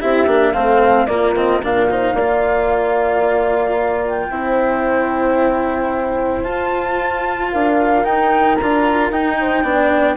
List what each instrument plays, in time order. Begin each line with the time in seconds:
0.00 bassoon C4, cello E4, horn G4, flute E5
0.27 bassoon A#3, cello D4
0.53 bassoon A3, cello C4, horn A4, flute F5
1.06 bassoon A#3, cello A#3, horn F4, flute D5
1.36 cello C4, flute D#5
1.62 bassoon A#2, cello D4, horn A#4, flute F5
1.90 cello D#4, horn C5
2.14 bassoon A#3, cello F4, horn D5
4.05 flute G5
4.30 bassoon C4, cello E4, horn C5
6.43 bassoon F4, cello F4, flute A5
7.51 bassoon D4, horn A#4, flute F5
8.04 cello D#4, bassoon D#4, flute G5
8.55 flute A#5
8.62 bassoon D4, cello F4
9.10 bassoon D#4, cello D#4, flute G5
9.40 horn C5
9.62 bassoon B3, cello D4, horn D5